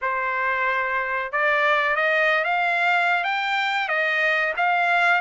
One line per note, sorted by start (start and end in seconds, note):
0.01 1.32 C5
1.32 1.96 D5
1.96 2.44 D#5
2.44 3.24 F5
3.24 3.88 G5
3.88 4.53 D#5
4.57 5.21 F5